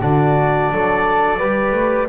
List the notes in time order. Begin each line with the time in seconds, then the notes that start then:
0.00 D3 D4 F#4 D5
0.72 F#3 A4
1.38 G3 G4 B4
1.72 A3